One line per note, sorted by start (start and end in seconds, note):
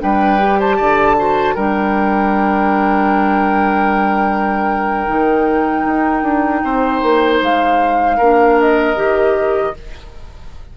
0.00 0.79 G3
0.00 0.38 D4
0.00 0.59 B4
0.00 0.60 G5
0.38 1.16 G4
0.59 0.76 C5
0.59 1.55 A5
0.76 1.56 D3
0.76 1.15 D5
1.16 1.55 F#4
1.16 1.54 C5
1.54 5.06 G3
1.54 5.07 D4
1.54 6.61 A#4
1.54 7.39 G5
5.07 5.85 D#3
5.07 8.18 D#4
5.85 6.22 D#4
6.22 6.61 D4
6.63 7.02 C4
6.63 8.17 C5
7.02 7.41 A#3
7.41 8.19 G#3
7.41 8.60 F5
8.17 8.96 A#3
8.17 8.95 D4
8.17 9.73 A#4
8.60 9.77 D#5
8.95 9.74 D#3
8.95 9.73 G4